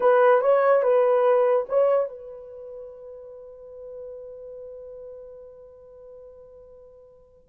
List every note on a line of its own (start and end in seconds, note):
0.00 0.41 B4
0.41 0.82 C#5
0.82 1.66 B4
1.69 2.08 C#5
2.08 7.48 B4